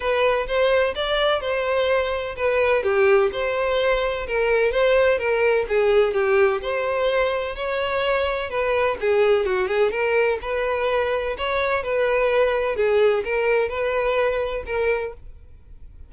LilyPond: \new Staff \with { instrumentName = "violin" } { \time 4/4 \tempo 4 = 127 b'4 c''4 d''4 c''4~ | c''4 b'4 g'4 c''4~ | c''4 ais'4 c''4 ais'4 | gis'4 g'4 c''2 |
cis''2 b'4 gis'4 | fis'8 gis'8 ais'4 b'2 | cis''4 b'2 gis'4 | ais'4 b'2 ais'4 | }